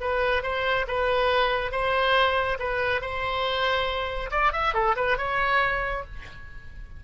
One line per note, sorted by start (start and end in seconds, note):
0.00 0.43 B4
0.43 0.86 C5
0.88 1.71 B4
1.71 2.57 C5
2.59 3.01 B4
3.01 4.30 C5
4.30 4.52 D5
4.52 4.74 E5
4.74 4.95 A4
4.96 5.17 B4
5.17 6.04 C#5